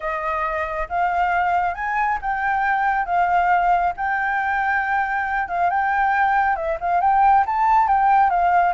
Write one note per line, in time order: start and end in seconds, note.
0.00 0.88 D#5
0.88 1.74 F5
1.74 2.18 G#5
2.21 3.05 G5
3.05 3.93 F5
3.97 5.48 G5
5.48 5.70 F5
5.70 6.56 G5
6.56 6.78 E5
6.80 7.01 F5
7.01 7.44 G5
7.46 7.87 A5
7.87 8.30 G5
8.30 8.74 F5